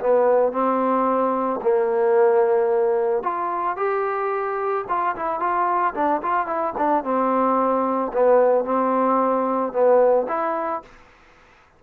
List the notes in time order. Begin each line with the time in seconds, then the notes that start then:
0.00 B3
0.52 C4
1.61 A#3
3.23 F4
3.76 G4
4.88 F4
5.16 E4
5.40 F4
5.94 D4
6.22 F4
6.46 E4
6.77 D4
7.03 C4
8.13 B3
8.64 C4
9.72 B3
10.28 E4